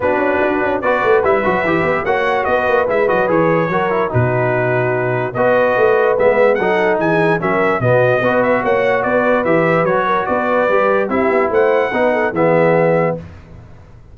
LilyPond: <<
  \new Staff \with { instrumentName = "trumpet" } { \time 4/4 \tempo 4 = 146 b'2 d''4 e''4~ | e''4 fis''4 dis''4 e''8 dis''8 | cis''2 b'2~ | b'4 dis''2 e''4 |
fis''4 gis''4 e''4 dis''4~ | dis''8 e''8 fis''4 d''4 e''4 | cis''4 d''2 e''4 | fis''2 e''2 | }
  \new Staff \with { instrumentName = "horn" } { \time 4/4 fis'2 b'2~ | b'4 cis''4 b'2~ | b'4 ais'4 fis'2~ | fis'4 b'2. |
a'4 gis'4 ais'4 fis'4 | b'4 cis''4 b'2~ | b'8 ais'8 b'2 g'4 | c''4 b'8 a'8 gis'2 | }
  \new Staff \with { instrumentName = "trombone" } { \time 4/4 d'2 fis'4 e'8 fis'8 | g'4 fis'2 e'8 fis'8 | gis'4 fis'8 e'8 dis'2~ | dis'4 fis'2 b4 |
dis'2 cis'4 b4 | fis'2. g'4 | fis'2 g'4 e'4~ | e'4 dis'4 b2 | }
  \new Staff \with { instrumentName = "tuba" } { \time 4/4 b8 cis'8 d'8 cis'8 b8 a8 g8 fis8 | e8 b8 ais4 b8 ais8 gis8 fis8 | e4 fis4 b,2~ | b,4 b4 a4 gis4 |
fis4 e4 fis4 b,4 | b4 ais4 b4 e4 | fis4 b4 g4 c'8 b8 | a4 b4 e2 | }
>>